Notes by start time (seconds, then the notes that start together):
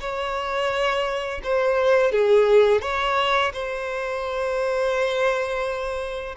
0.00 C#5
1.43 C5
2.12 G#4
2.82 C#5
3.53 C5